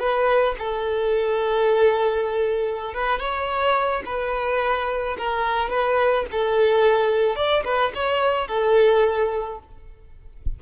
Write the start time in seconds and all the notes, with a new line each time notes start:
0.00 B4
0.59 A4
2.94 B4
3.20 C#5
4.06 B4
5.18 A#4
5.70 B4
6.32 A4
7.36 D5
7.65 B4
7.95 C#5
8.48 A4